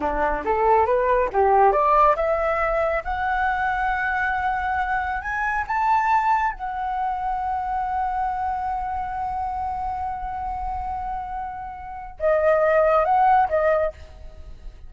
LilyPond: \new Staff \with { instrumentName = "flute" } { \time 4/4 \tempo 4 = 138 d'4 a'4 b'4 g'4 | d''4 e''2 fis''4~ | fis''1 | gis''4 a''2 fis''4~ |
fis''1~ | fis''1~ | fis''1 | dis''2 fis''4 dis''4 | }